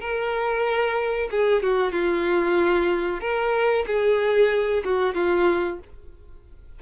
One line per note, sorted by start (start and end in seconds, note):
0.00 1.29 A#4
1.30 1.62 G#4
1.62 1.92 F#4
1.92 3.20 F4
3.20 3.85 A#4
3.87 4.83 G#4
4.84 5.14 F#4
5.14 5.79 F4